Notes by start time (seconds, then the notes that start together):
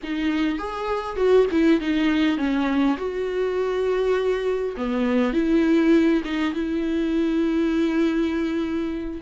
0.03 D#4
0.58 G#4
1.16 F#4
1.51 E4
1.80 D#4
2.37 C#4
2.97 F#4
4.76 B3
5.33 E4
6.24 D#4
6.53 E4